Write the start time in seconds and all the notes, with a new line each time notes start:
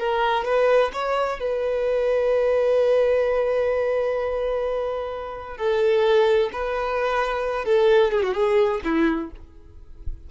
0.00 A#4
0.45 B4
0.94 C#5
1.40 B4
5.58 A4
6.53 B4
7.66 A4
8.12 G#4
8.23 F#4
8.34 G#4
8.85 E4